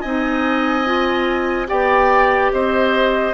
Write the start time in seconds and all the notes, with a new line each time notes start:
0.00 C4 D#4 D#5 G#5
0.85 F4
1.67 B3 G4 D5 G5
2.52 C4 C5 D#5